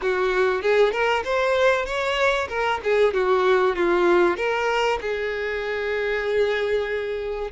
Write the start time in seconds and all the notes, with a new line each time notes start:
0.01 F#4
0.62 G#4
0.91 A#4
1.24 C5
1.85 C#5
2.49 A#4
2.83 G#4
3.13 F#4
3.75 F4
4.36 A#4
5.01 G#4